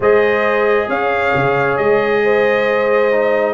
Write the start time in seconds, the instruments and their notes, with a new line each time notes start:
0.00 tuba G#3, trombone G#4, horn C5, trumpet D#5
0.88 tuba C#4, horn C#5, trumpet F5
1.35 tuba C#3
1.77 tuba G#3, trumpet D#5
2.24 horn C5
3.12 trombone D#4